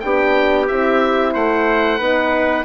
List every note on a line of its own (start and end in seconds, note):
0.00 0.70 B3
0.00 0.69 D4
0.00 1.33 G4
0.00 0.66 G5
0.68 1.35 C4
0.68 1.99 E4
0.68 1.34 E5
1.33 1.99 A3
1.33 1.98 C5
1.33 2.65 F#5
1.98 2.65 B3
1.98 2.65 D#4
1.98 2.64 B4